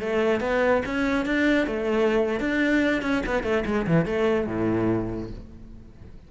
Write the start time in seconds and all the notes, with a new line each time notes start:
0.00 A3
0.41 B3
0.85 C#4
1.26 D4
1.67 A3
2.40 D4
3.02 C#4
3.26 B3
3.43 A3
3.66 G#3
3.87 E3
4.06 A3
4.47 A2